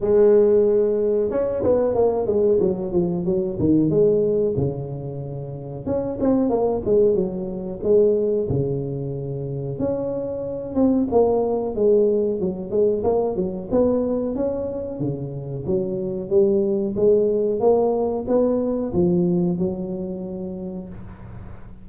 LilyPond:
\new Staff \with { instrumentName = "tuba" } { \time 4/4 \tempo 4 = 92 gis2 cis'8 b8 ais8 gis8 | fis8 f8 fis8 dis8 gis4 cis4~ | cis4 cis'8 c'8 ais8 gis8 fis4 | gis4 cis2 cis'4~ |
cis'8 c'8 ais4 gis4 fis8 gis8 | ais8 fis8 b4 cis'4 cis4 | fis4 g4 gis4 ais4 | b4 f4 fis2 | }